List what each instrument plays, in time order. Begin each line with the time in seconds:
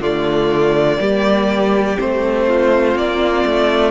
0.00 cello D3, viola A3, violin F4 D5
0.97 cello G3, viola A#3, violin G4
1.97 cello A3, viola C4, violin C5
2.47 violin F4
2.95 cello A#3, violin D5
3.45 cello A3